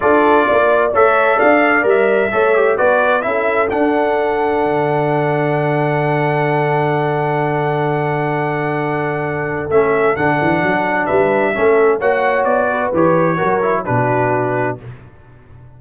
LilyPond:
<<
  \new Staff \with { instrumentName = "trumpet" } { \time 4/4 \tempo 4 = 130 d''2 e''4 f''4 | e''2 d''4 e''4 | fis''1~ | fis''1~ |
fis''1~ | fis''4 e''4 fis''2 | e''2 fis''4 d''4 | cis''2 b'2 | }
  \new Staff \with { instrumentName = "horn" } { \time 4/4 a'4 d''4 cis''4 d''4~ | d''4 cis''4 b'4 a'4~ | a'1~ | a'1~ |
a'1~ | a'1 | b'4 a'4 cis''4. b'8~ | b'4 ais'4 fis'2 | }
  \new Staff \with { instrumentName = "trombone" } { \time 4/4 f'2 a'2 | ais'4 a'8 g'8 fis'4 e'4 | d'1~ | d'1~ |
d'1~ | d'4 cis'4 d'2~ | d'4 cis'4 fis'2 | g'4 fis'8 e'8 d'2 | }
  \new Staff \with { instrumentName = "tuba" } { \time 4/4 d'4 ais4 a4 d'4 | g4 a4 b4 cis'4 | d'2 d2~ | d1~ |
d1~ | d4 a4 d8 e8 fis4 | g4 a4 ais4 b4 | e4 fis4 b,2 | }
>>